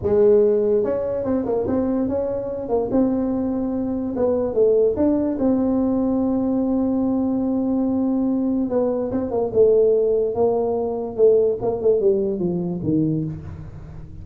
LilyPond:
\new Staff \with { instrumentName = "tuba" } { \time 4/4 \tempo 4 = 145 gis2 cis'4 c'8 ais8 | c'4 cis'4. ais8 c'4~ | c'2 b4 a4 | d'4 c'2.~ |
c'1~ | c'4 b4 c'8 ais8 a4~ | a4 ais2 a4 | ais8 a8 g4 f4 dis4 | }